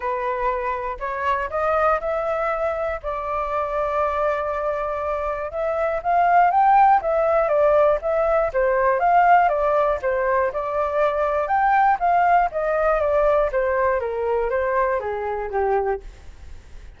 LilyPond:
\new Staff \with { instrumentName = "flute" } { \time 4/4 \tempo 4 = 120 b'2 cis''4 dis''4 | e''2 d''2~ | d''2. e''4 | f''4 g''4 e''4 d''4 |
e''4 c''4 f''4 d''4 | c''4 d''2 g''4 | f''4 dis''4 d''4 c''4 | ais'4 c''4 gis'4 g'4 | }